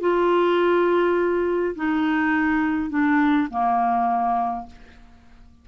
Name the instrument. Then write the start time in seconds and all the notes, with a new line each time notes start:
clarinet
0.00 F4
1.75 D#4
2.90 D4
3.50 A#3